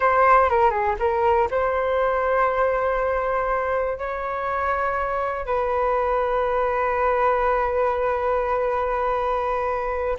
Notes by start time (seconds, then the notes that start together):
0.00 C5
0.49 A#4
0.70 G#4
0.99 A#4
1.51 C5
3.98 C#5
5.45 B4